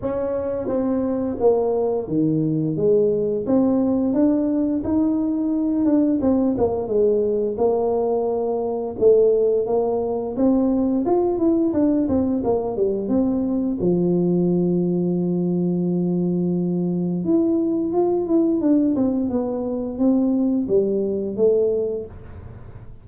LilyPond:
\new Staff \with { instrumentName = "tuba" } { \time 4/4 \tempo 4 = 87 cis'4 c'4 ais4 dis4 | gis4 c'4 d'4 dis'4~ | dis'8 d'8 c'8 ais8 gis4 ais4~ | ais4 a4 ais4 c'4 |
f'8 e'8 d'8 c'8 ais8 g8 c'4 | f1~ | f4 e'4 f'8 e'8 d'8 c'8 | b4 c'4 g4 a4 | }